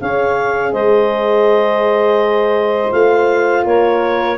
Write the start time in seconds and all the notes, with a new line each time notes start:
0.00 C#4 G#4 C#5 F5
0.72 G#3 C5 D#5
2.91 A3 F4 F5
3.64 A#3 A#4 C#5